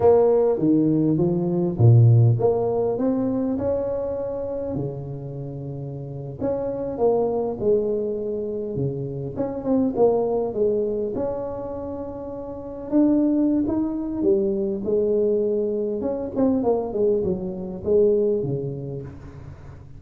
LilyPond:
\new Staff \with { instrumentName = "tuba" } { \time 4/4 \tempo 4 = 101 ais4 dis4 f4 ais,4 | ais4 c'4 cis'2 | cis2~ cis8. cis'4 ais16~ | ais8. gis2 cis4 cis'16~ |
cis'16 c'8 ais4 gis4 cis'4~ cis'16~ | cis'4.~ cis'16 d'4~ d'16 dis'4 | g4 gis2 cis'8 c'8 | ais8 gis8 fis4 gis4 cis4 | }